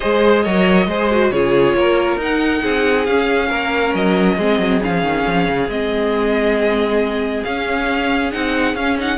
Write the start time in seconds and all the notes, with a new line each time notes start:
0.00 G#3 G#4 C5 D#5
0.43 F#3 A#4 C#5
0.86 G#3 G#4 C5
1.11 F#4
1.31 C#3 F4 G#4 C#5
1.74 A#3 A#4
2.16 D#4 F#5
2.62 C4 G#4
3.05 C#4 F5
3.49 A#3 A#4
3.94 F#3 D#5
4.37 G#3 C4 G#4
4.58 F#3
4.80 F3 C#4 F5
5.02 D#3
5.26 F3
5.48 C#3
5.68 G#3 C4 D#5
7.44 C#4 F5
8.31 C4 D#4 F#5
8.74 C#4 F5
8.99 D#4 F#5